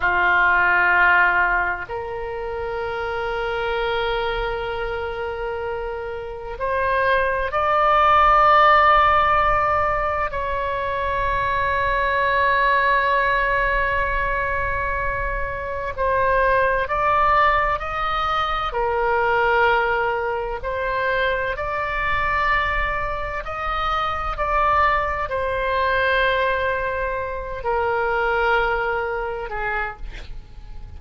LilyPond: \new Staff \with { instrumentName = "oboe" } { \time 4/4 \tempo 4 = 64 f'2 ais'2~ | ais'2. c''4 | d''2. cis''4~ | cis''1~ |
cis''4 c''4 d''4 dis''4 | ais'2 c''4 d''4~ | d''4 dis''4 d''4 c''4~ | c''4. ais'2 gis'8 | }